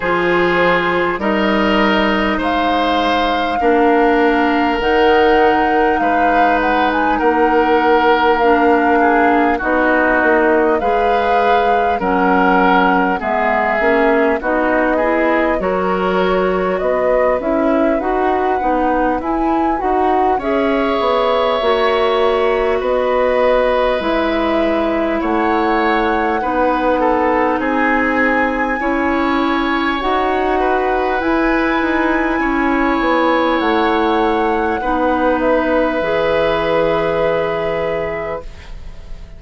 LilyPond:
<<
  \new Staff \with { instrumentName = "flute" } { \time 4/4 \tempo 4 = 50 c''4 dis''4 f''2 | fis''4 f''8 fis''16 gis''16 fis''4 f''4 | dis''4 f''4 fis''4 e''4 | dis''4 cis''4 dis''8 e''8 fis''4 |
gis''8 fis''8 e''2 dis''4 | e''4 fis''2 gis''4~ | gis''4 fis''4 gis''2 | fis''4. e''2~ e''8 | }
  \new Staff \with { instrumentName = "oboe" } { \time 4/4 gis'4 ais'4 c''4 ais'4~ | ais'4 b'4 ais'4. gis'8 | fis'4 b'4 ais'4 gis'4 | fis'8 gis'8 ais'4 b'2~ |
b'4 cis''2 b'4~ | b'4 cis''4 b'8 a'8 gis'4 | cis''4. b'4. cis''4~ | cis''4 b'2. | }
  \new Staff \with { instrumentName = "clarinet" } { \time 4/4 f'4 dis'2 d'4 | dis'2. d'4 | dis'4 gis'4 cis'4 b8 cis'8 | dis'8 e'8 fis'4. e'8 fis'8 dis'8 |
e'8 fis'8 gis'4 fis'2 | e'2 dis'2 | e'4 fis'4 e'2~ | e'4 dis'4 gis'2 | }
  \new Staff \with { instrumentName = "bassoon" } { \time 4/4 f4 g4 gis4 ais4 | dis4 gis4 ais2 | b8 ais8 gis4 fis4 gis8 ais8 | b4 fis4 b8 cis'8 dis'8 b8 |
e'8 dis'8 cis'8 b8 ais4 b4 | gis4 a4 b4 c'4 | cis'4 dis'4 e'8 dis'8 cis'8 b8 | a4 b4 e2 | }
>>